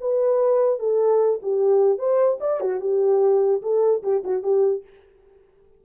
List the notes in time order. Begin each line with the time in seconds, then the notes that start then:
0.00 B4
0.79 A4
1.42 G4
1.98 C5
2.40 D5
2.60 F#4
2.80 G4
3.62 A4
4.03 G4
4.24 F#4
4.43 G4